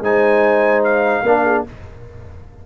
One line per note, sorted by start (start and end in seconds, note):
0.00 1.22 G#3
0.00 1.25 D#4
0.00 1.24 C5
0.00 0.84 G#5
0.84 1.65 F5
1.22 1.63 A#3
1.22 1.66 D4
1.22 1.44 A#4
1.44 1.64 G#4